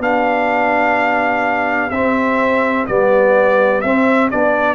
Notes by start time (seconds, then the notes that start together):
0.00 B3 D4 G4 F5
1.91 C4 E5
2.87 G3 B3 D5
3.82 C4 E5
4.31 B3 D4 D5